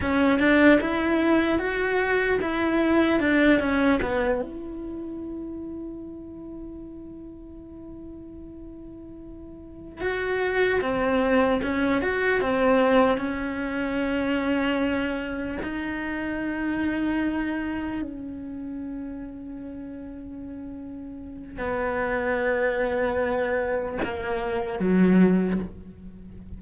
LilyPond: \new Staff \with { instrumentName = "cello" } { \time 4/4 \tempo 4 = 75 cis'8 d'8 e'4 fis'4 e'4 | d'8 cis'8 b8 e'2~ e'8~ | e'1~ | e'8 fis'4 c'4 cis'8 fis'8 c'8~ |
c'8 cis'2. dis'8~ | dis'2~ dis'8 cis'4.~ | cis'2. b4~ | b2 ais4 fis4 | }